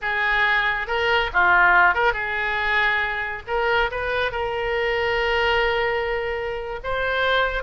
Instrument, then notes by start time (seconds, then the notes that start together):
oboe
0.01 G#4
0.87 A#4
1.33 F4
1.94 A#4
2.13 G#4
3.47 A#4
3.91 B4
4.31 A#4
6.83 C5